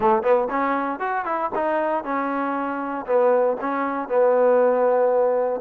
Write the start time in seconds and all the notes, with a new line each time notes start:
0.00 A3
0.22 B3
0.50 C#4
0.99 F#4
1.25 E4
1.55 D#4
2.04 C#4
3.06 B3
3.60 C#4
4.08 B3